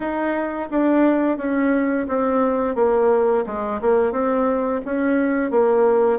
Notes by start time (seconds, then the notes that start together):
0.00 D#4
0.70 D4
1.37 C#4
2.08 C4
2.75 A#3
3.46 G#3
3.81 A#3
4.12 C4
4.85 C#4
5.50 A#3